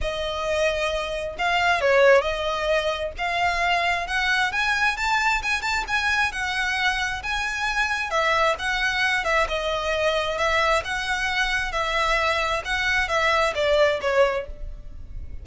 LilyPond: \new Staff \with { instrumentName = "violin" } { \time 4/4 \tempo 4 = 133 dis''2. f''4 | cis''4 dis''2 f''4~ | f''4 fis''4 gis''4 a''4 | gis''8 a''8 gis''4 fis''2 |
gis''2 e''4 fis''4~ | fis''8 e''8 dis''2 e''4 | fis''2 e''2 | fis''4 e''4 d''4 cis''4 | }